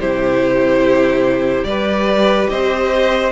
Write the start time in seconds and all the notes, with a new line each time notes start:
0.00 C3 E4 G4 C5
1.64 G3 G4 B4 D5
2.50 C4 C5 D#5